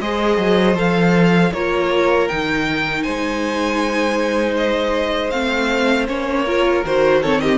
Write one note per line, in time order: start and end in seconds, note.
0.00 0.37 G#3
0.00 0.76 G#4
0.00 1.52 C5
0.00 0.76 D#5
0.37 0.74 F#3
0.74 1.50 F3
0.74 1.52 A4
0.74 1.53 F5
1.52 2.29 A#3
1.52 2.29 F4
1.52 3.03 A#4
1.52 2.28 C#5
2.28 3.06 D#3
2.28 5.31 D#4
2.28 3.02 G5
3.02 5.33 G#3
3.02 6.44 C5
3.02 4.54 G#5
4.57 5.30 D#5
5.30 6.08 A3
5.30 6.07 C4
5.30 6.06 F5
6.07 6.84 A#3
6.07 6.45 C#4
6.07 6.84 C#5
6.44 6.84 F4
6.44 7.20 A#4
6.84 7.57 D#3
6.84 7.23 F#4
6.84 7.22 C5
7.21 7.57 C4
7.21 7.40 A4
7.21 7.40 C#5
7.40 7.57 G4
7.40 7.57 D#5